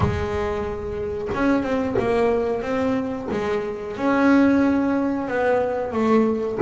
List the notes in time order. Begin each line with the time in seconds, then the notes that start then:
0.00 G#3
1.34 C#4
1.62 C4
1.98 A#3
2.62 C4
3.31 G#3
3.97 C#4
5.27 B3
5.92 A3